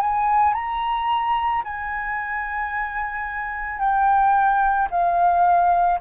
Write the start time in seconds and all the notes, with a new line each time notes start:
0.00 G#5
0.54 A#5
1.64 G#5
3.79 G5
4.91 F5